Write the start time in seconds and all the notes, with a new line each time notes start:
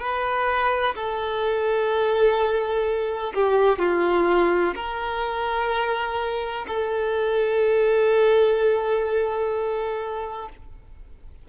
0.00 B4
0.96 A4
3.35 G4
3.79 F4
4.75 A#4
6.68 A4